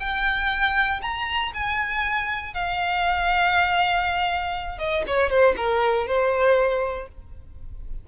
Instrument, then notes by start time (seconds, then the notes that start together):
violin
0.00 G5
1.02 A#5
1.54 G#5
2.54 F5
4.78 D#5
5.07 C#5
5.30 C5
5.57 A#4
6.07 C5